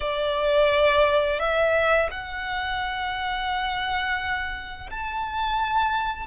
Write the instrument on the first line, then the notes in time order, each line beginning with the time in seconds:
violin
0.00 D5
1.39 E5
2.11 F#5
4.90 A5